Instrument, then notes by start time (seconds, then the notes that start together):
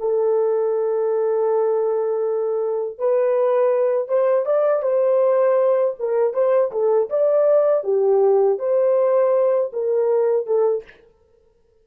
horn
0.00 A4
2.99 B4
4.09 C5
4.46 D5
4.83 C5
6.00 A#4
6.34 C5
6.72 A4
7.10 D5
7.84 G4
8.59 C5
9.73 A#4
10.47 A4